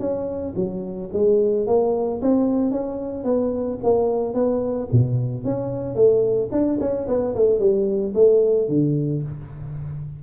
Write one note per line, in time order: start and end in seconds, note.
0.00 0.54 C#4
0.56 1.10 F#3
1.13 1.67 G#3
1.67 2.21 A#3
2.22 2.71 C4
2.71 3.24 C#4
3.24 3.78 B3
3.83 4.34 A#3
4.34 4.88 B3
4.92 5.44 B2
5.44 5.95 C#4
5.95 6.49 A3
6.52 6.79 D4
6.81 7.08 C#4
7.08 7.35 B3
7.35 7.59 A3
7.59 8.14 G3
8.14 8.69 A3
8.69 9.23 D3